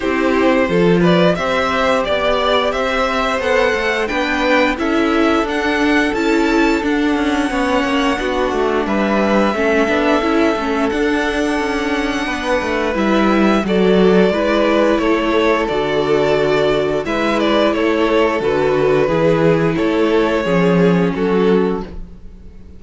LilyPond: <<
  \new Staff \with { instrumentName = "violin" } { \time 4/4 \tempo 4 = 88 c''4. d''8 e''4 d''4 | e''4 fis''4 g''4 e''4 | fis''4 a''4 fis''2~ | fis''4 e''2. |
fis''2. e''4 | d''2 cis''4 d''4~ | d''4 e''8 d''8 cis''4 b'4~ | b'4 cis''2 a'4 | }
  \new Staff \with { instrumentName = "violin" } { \time 4/4 g'4 a'8 b'8 c''4 d''4 | c''2 b'4 a'4~ | a'2. cis''4 | fis'4 b'4 a'2~ |
a'2 b'2 | a'4 b'4 a'2~ | a'4 b'4 a'2 | gis'4 a'4 gis'4 fis'4 | }
  \new Staff \with { instrumentName = "viola" } { \time 4/4 e'4 f'4 g'2~ | g'4 a'4 d'4 e'4 | d'4 e'4 d'4 cis'4 | d'2 cis'8 d'8 e'8 cis'8 |
d'2. e'4 | fis'4 e'2 fis'4~ | fis'4 e'2 fis'4 | e'2 cis'2 | }
  \new Staff \with { instrumentName = "cello" } { \time 4/4 c'4 f4 c'4 b4 | c'4 b8 a8 b4 cis'4 | d'4 cis'4 d'8 cis'8 b8 ais8 | b8 a8 g4 a8 b8 cis'8 a8 |
d'4 cis'4 b8 a8 g4 | fis4 gis4 a4 d4~ | d4 gis4 a4 d4 | e4 a4 f4 fis4 | }
>>